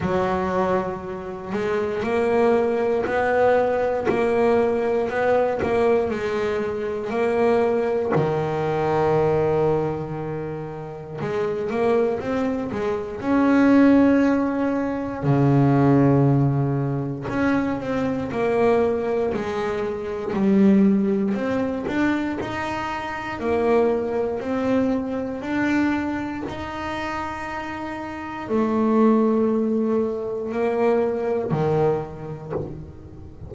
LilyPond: \new Staff \with { instrumentName = "double bass" } { \time 4/4 \tempo 4 = 59 fis4. gis8 ais4 b4 | ais4 b8 ais8 gis4 ais4 | dis2. gis8 ais8 | c'8 gis8 cis'2 cis4~ |
cis4 cis'8 c'8 ais4 gis4 | g4 c'8 d'8 dis'4 ais4 | c'4 d'4 dis'2 | a2 ais4 dis4 | }